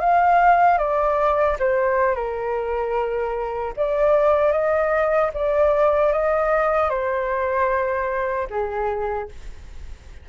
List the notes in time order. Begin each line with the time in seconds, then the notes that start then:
0.00 F5
0.78 D5
1.59 C5
2.15 A#4
3.76 D5
4.52 D#5
5.34 D5
6.12 D#5
6.89 C5
8.50 G#4